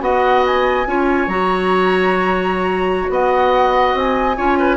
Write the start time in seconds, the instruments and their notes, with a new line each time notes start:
0.00 bassoon B3, clarinet F#4, oboe D#5, flute F#5
0.46 flute G#5
0.86 bassoon C#4, clarinet F4, oboe C#5
1.27 bassoon F#3, clarinet F#4, flute A#5
3.09 bassoon B3, oboe D#5, flute F#5
3.94 bassoon C4, flute G#5
4.37 bassoon C#4, clarinet F4, oboe C#5
4.59 oboe B4